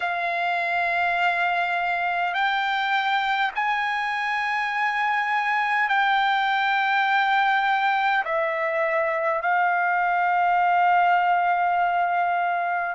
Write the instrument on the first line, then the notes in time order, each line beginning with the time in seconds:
trumpet
0.00 F5
2.34 G5
3.55 G#5
5.88 G5
8.25 E5
9.42 F5